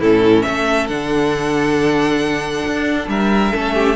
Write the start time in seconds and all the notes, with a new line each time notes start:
0.00 A2 C#4 E4 A4
0.43 A3 A4 E5
0.87 D3 D4 F#5
2.66 D4
3.08 G3 A#4 E5
3.53 A3 C#4 A4
3.75 G4